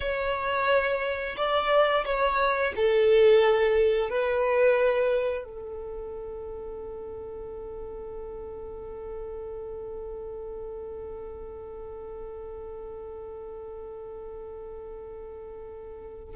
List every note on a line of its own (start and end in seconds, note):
0.00 1.35 C#5
1.36 2.05 D5
2.05 2.73 C#5
2.76 4.09 A4
4.09 5.44 B4
5.44 16.35 A4